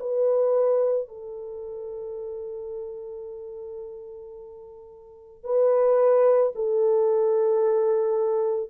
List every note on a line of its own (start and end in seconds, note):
0.00 1.08 B4
1.08 5.44 A4
5.44 6.54 B4
6.56 8.71 A4